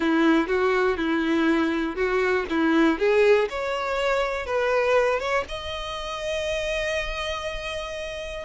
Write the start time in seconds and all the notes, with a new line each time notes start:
0.00 E4
0.47 F#4
0.97 E4
1.95 F#4
2.49 E4
2.98 G#4
3.49 C#5
4.46 B4
5.19 C#5
5.48 D#5